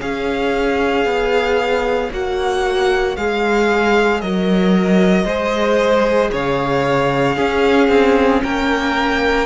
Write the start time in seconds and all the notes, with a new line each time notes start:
0.00 C#4 G#4 C#5 F5
1.05 B3
2.11 A#3 F#4 F#5
3.17 G#3 G#4 F5
4.21 F#3 A#4 D#5
5.25 G#3 G#4 C5
6.32 C#3 C#5 F5
7.36 C#4 G#4
7.89 C4
8.43 A#3 A#4 G5